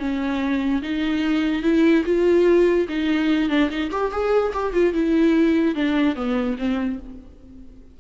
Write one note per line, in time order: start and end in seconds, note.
0.00 0.82 C#4
0.83 1.63 D#4
1.63 2.04 E4
2.05 2.88 F4
2.89 3.50 D#4
3.50 3.70 D4
3.71 3.91 D#4
3.91 4.12 G4
4.12 4.53 G#4
4.54 4.73 G4
4.73 4.94 F4
4.94 5.75 E4
5.75 6.16 D4
6.16 6.57 B3
6.58 7.00 C4